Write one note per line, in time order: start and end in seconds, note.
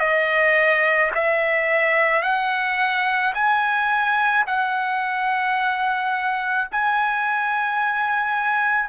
0.00 1.11 D#5
1.15 2.22 E5
2.22 3.33 F#5
3.34 4.45 G#5
4.46 6.69 F#5
6.71 8.89 G#5